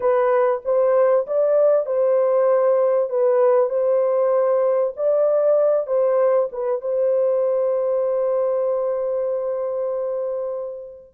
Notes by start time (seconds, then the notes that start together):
0.00 B4
0.64 C5
1.27 D5
1.86 C5
3.09 B4
3.69 C5
4.96 D5
5.87 C5
6.51 B4
6.81 C5